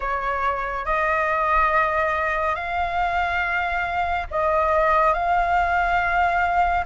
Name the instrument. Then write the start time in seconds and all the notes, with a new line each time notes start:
flute
0.00 C#5
0.85 D#5
2.55 F5
4.31 D#5
5.13 F5